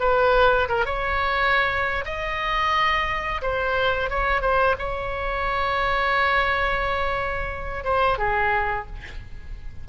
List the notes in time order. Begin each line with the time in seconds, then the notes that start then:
0.00 B4
0.69 A#4
0.85 C#5
2.05 D#5
3.42 C5
4.10 C#5
4.42 C5
4.79 C#5
7.84 C5
8.18 G#4